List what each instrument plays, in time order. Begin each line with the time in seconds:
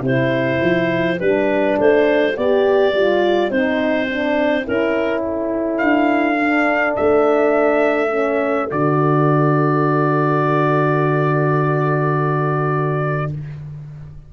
0.00 tuba C3, horn E4, clarinet C5, trumpet G5
0.62 tuba F3
1.20 tuba G3, horn D4, clarinet B4
1.79 tuba A3, clarinet C5
2.37 tuba B3, horn G4, clarinet D5
2.93 tuba G3, horn F4
3.51 tuba C4, horn D#4, clarinet C5
4.10 horn D4
4.63 tuba C#4, horn E4, clarinet A#4
5.20 clarinet A4
5.78 tuba D4, trumpet F5
6.40 horn D4
6.96 tuba A3, trumpet E5
8.11 horn C#4
8.71 tuba D3, horn F#4, trumpet D5